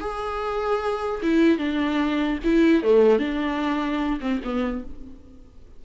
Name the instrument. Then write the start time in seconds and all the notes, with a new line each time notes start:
viola
0.00 G#4
1.22 E4
1.58 D4
2.44 E4
2.83 A3
3.19 D4
4.20 C4
4.44 B3